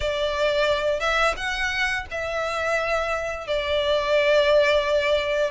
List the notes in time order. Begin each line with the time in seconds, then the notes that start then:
0.00 D5
1.00 E5
1.36 F#5
2.10 E5
3.47 D5